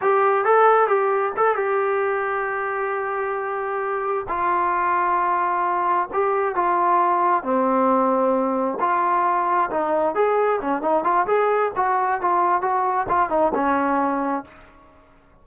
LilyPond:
\new Staff \with { instrumentName = "trombone" } { \time 4/4 \tempo 4 = 133 g'4 a'4 g'4 a'8 g'8~ | g'1~ | g'4. f'2~ f'8~ | f'4. g'4 f'4.~ |
f'8 c'2. f'8~ | f'4. dis'4 gis'4 cis'8 | dis'8 f'8 gis'4 fis'4 f'4 | fis'4 f'8 dis'8 cis'2 | }